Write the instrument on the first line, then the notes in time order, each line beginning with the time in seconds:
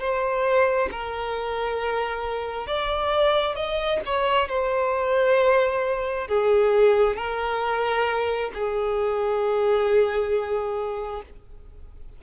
violin
0.00 C5
0.92 A#4
2.67 D5
3.56 D#5
4.06 C#5
4.49 C5
6.28 G#4
7.17 A#4
8.54 G#4